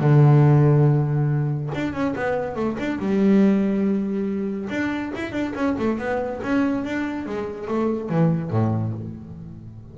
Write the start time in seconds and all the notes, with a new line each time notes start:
0.00 D3
1.75 D4
1.93 C#4
2.16 B3
2.56 A3
2.79 D4
2.99 G3
4.69 D4
5.15 E4
5.32 D4
5.55 C#4
5.79 A3
5.99 B3
6.43 C#4
6.85 D4
7.26 G#3
7.68 A3
8.10 E3
8.51 A2